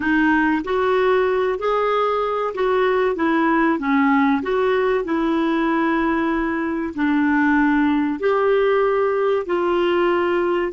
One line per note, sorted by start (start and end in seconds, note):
0.00 0.62 D#4
0.64 1.58 F#4
1.58 2.53 G#4
2.54 3.15 F#4
3.15 3.78 E4
3.78 4.42 C#4
4.42 5.04 F#4
5.04 6.93 E4
6.94 8.19 D4
8.19 9.46 G4
9.46 10.72 F4